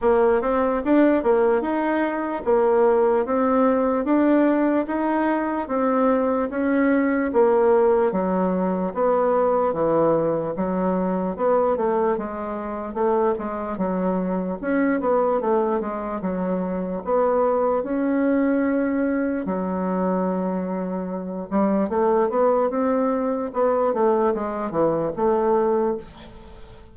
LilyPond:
\new Staff \with { instrumentName = "bassoon" } { \time 4/4 \tempo 4 = 74 ais8 c'8 d'8 ais8 dis'4 ais4 | c'4 d'4 dis'4 c'4 | cis'4 ais4 fis4 b4 | e4 fis4 b8 a8 gis4 |
a8 gis8 fis4 cis'8 b8 a8 gis8 | fis4 b4 cis'2 | fis2~ fis8 g8 a8 b8 | c'4 b8 a8 gis8 e8 a4 | }